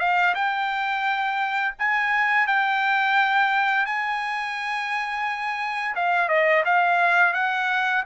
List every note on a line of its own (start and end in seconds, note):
0.00 0.35 F5
0.35 1.74 G5
1.79 2.47 G#5
2.47 3.86 G5
3.86 5.96 G#5
5.96 6.29 F5
6.29 6.64 D#5
6.65 7.34 F5
7.34 8.04 F#5